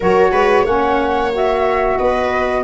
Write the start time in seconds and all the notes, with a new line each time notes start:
0.00 F#3 F#4 A#4 C#5
0.31 G#3 B4
0.63 A#3 C#4 C#5 F#5
1.32 F#4 E5
1.98 B3 B4 D#5